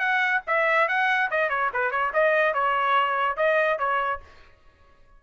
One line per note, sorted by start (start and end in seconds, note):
0.00 0.42 F#5
0.48 0.89 E5
0.89 1.30 F#5
1.31 1.50 D#5
1.50 1.71 C#5
1.74 1.91 B4
1.91 2.12 C#5
2.14 2.54 D#5
2.54 3.37 C#5
3.37 3.79 D#5
3.79 4.21 C#5